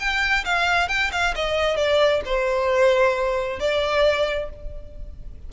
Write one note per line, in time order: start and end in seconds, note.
0.00 0.45 G5
0.45 0.89 F5
0.89 1.11 G5
1.12 1.35 F5
1.36 1.77 D#5
1.77 2.22 D5
2.26 3.60 C5
3.60 4.50 D5